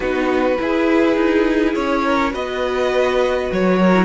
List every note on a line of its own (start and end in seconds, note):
0.00 0.57 B3
0.00 0.57 D#4
0.00 0.58 F#4
0.00 1.74 B4
0.57 2.30 E4
0.57 1.15 E4
0.57 2.05 G#4
1.15 1.74 D#4
1.74 2.34 C#4
1.74 2.32 C#5
2.05 2.32 A#4
2.30 3.50 B3
2.30 3.91 F#4
2.30 3.78 B4
2.30 3.51 D#5
3.51 4.05 F#3
3.51 4.05 C#5
3.78 4.05 A#4
3.94 4.05 E4